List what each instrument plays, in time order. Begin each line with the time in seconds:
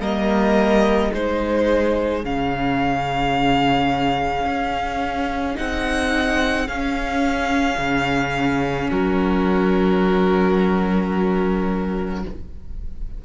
0.00 cello G3, viola A#3, violin A#4 D#5
1.11 cello G#3, viola D#4, violin G#4 C5
2.24 cello C#3, viola C#4, violin F5
4.46 cello C#4
5.55 cello C4, viola D#4, violin F#5
6.68 cello C#4, viola C#4, violin F5
7.78 cello C#3
8.89 cello F#3, violin F#4 A#4